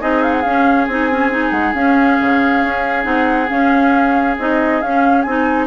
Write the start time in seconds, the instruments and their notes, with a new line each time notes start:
0.00 bassoon C4, clarinet D#4, oboe G#4, flute D#5
0.23 flute F5
0.32 flute F#5
0.42 bassoon C#4, clarinet C#4, flute F5
0.87 bassoon C4, clarinet D#4, flute G#5
1.12 clarinet C#4
1.31 clarinet D#4
1.51 bassoon G#3, flute F#5
1.74 bassoon C#4, clarinet C#4, flute F5
2.21 bassoon C#3
2.64 bassoon C#4
3.03 bassoon C4, clarinet D#4, flute F#5
3.50 clarinet C#4, bassoon C#4, flute F5
4.39 bassoon C4, clarinet D#4, flute D#5
4.82 bassoon C#4, clarinet C#4, flute F5
5.22 bassoon C4, clarinet D#4, flute G#5